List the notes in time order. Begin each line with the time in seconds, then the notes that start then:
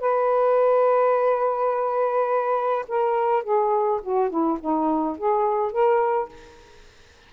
0.00 B4
2.89 A#4
3.44 G#4
4.03 F#4
4.30 E4
4.61 D#4
5.18 G#4
5.72 A#4